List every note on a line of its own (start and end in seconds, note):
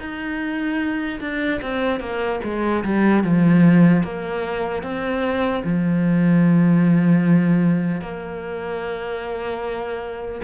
0.00 1.20 D#4
1.21 1.61 D4
1.62 2.01 C4
2.01 2.41 A#3
2.44 2.84 G#3
2.85 3.24 G3
3.24 4.04 F3
4.04 4.83 A#3
4.83 5.63 C4
5.64 8.01 F3
8.01 10.41 A#3